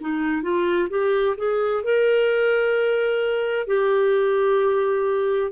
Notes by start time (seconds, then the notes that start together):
0.00 D#4
0.42 F4
0.89 G4
1.37 G#4
1.83 A#4
3.67 G4